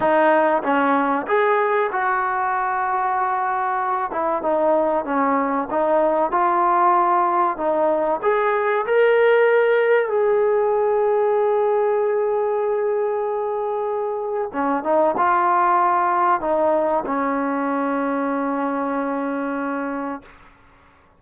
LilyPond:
\new Staff \with { instrumentName = "trombone" } { \time 4/4 \tempo 4 = 95 dis'4 cis'4 gis'4 fis'4~ | fis'2~ fis'8 e'8 dis'4 | cis'4 dis'4 f'2 | dis'4 gis'4 ais'2 |
gis'1~ | gis'2. cis'8 dis'8 | f'2 dis'4 cis'4~ | cis'1 | }